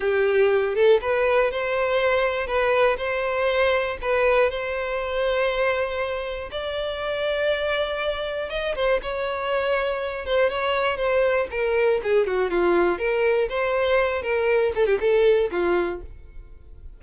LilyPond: \new Staff \with { instrumentName = "violin" } { \time 4/4 \tempo 4 = 120 g'4. a'8 b'4 c''4~ | c''4 b'4 c''2 | b'4 c''2.~ | c''4 d''2.~ |
d''4 dis''8 c''8 cis''2~ | cis''8 c''8 cis''4 c''4 ais'4 | gis'8 fis'8 f'4 ais'4 c''4~ | c''8 ais'4 a'16 g'16 a'4 f'4 | }